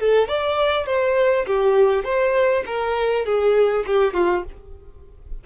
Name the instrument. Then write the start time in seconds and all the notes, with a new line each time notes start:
violin
0.00 A4
0.29 D5
0.87 C5
1.47 G4
2.05 C5
2.67 A#4
3.26 G#4
3.87 G4
4.14 F4